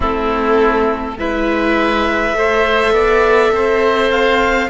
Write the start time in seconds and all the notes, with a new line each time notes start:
0.00 A3 C4 E4 A4
1.18 G#3 E4 B4 E5
2.33 A3 A4 C5
2.92 B3 D5
3.52 C4 C5
4.11 F5